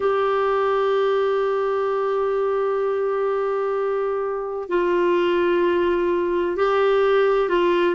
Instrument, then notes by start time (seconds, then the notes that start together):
clarinet
0.00 G4
4.68 F4
6.56 G4
7.49 F4